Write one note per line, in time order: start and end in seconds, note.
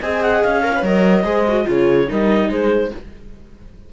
0.00 0.44 C4
0.00 0.64 G#4
0.00 0.62 D#5
0.00 0.22 G#5
0.23 0.43 F#5
0.43 0.83 C#4
0.43 0.85 F5
0.63 0.74 A#4
0.63 1.24 C#5
0.76 0.85 B4
0.83 1.24 F#3
0.83 1.25 A#4
0.83 1.69 D#5
1.24 1.66 G#3
1.24 1.46 G#4
1.24 1.66 C5
1.49 1.65 F#4
1.65 2.10 C#3
1.65 2.07 F4
1.65 2.09 G#4
1.65 2.11 C#5
2.08 2.50 G3
2.08 2.91 D#4
2.08 2.50 A#4
2.08 2.51 D#5
2.50 2.91 G#3
2.50 2.91 G#4
2.50 2.93 C5